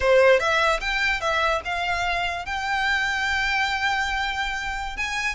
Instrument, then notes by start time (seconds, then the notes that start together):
violin
0.00 C5
0.39 E5
0.80 G5
1.20 E5
1.64 F5
2.45 G5
4.96 G#5